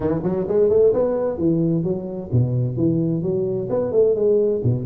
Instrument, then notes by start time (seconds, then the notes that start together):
tuba
0.00 E3
0.23 F#3
0.47 G#3
0.69 A3
0.93 B3
1.38 E3
1.83 F#3
2.32 B2
2.76 E3
3.22 F#3
3.69 B3
3.92 A3
4.15 G#3
4.63 B2